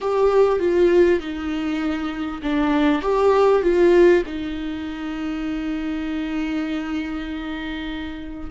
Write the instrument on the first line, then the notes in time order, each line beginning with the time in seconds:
viola
0.00 G4
0.59 F4
1.20 D#4
2.42 D4
3.01 G4
3.62 F4
4.26 D#4